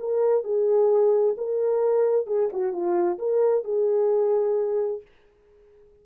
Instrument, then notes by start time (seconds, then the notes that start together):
horn
0.00 A#4
0.44 G#4
1.38 A#4
2.27 G#4
2.53 F#4
2.73 F4
3.19 A#4
3.65 G#4